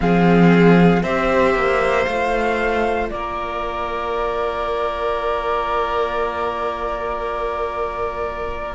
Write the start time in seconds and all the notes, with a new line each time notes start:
0.00 F3 C4 G#4 F5
1.03 C4 G4 C5 E5
1.54 A#3
2.04 A3 F4 F5
3.09 A#3 A#4 D5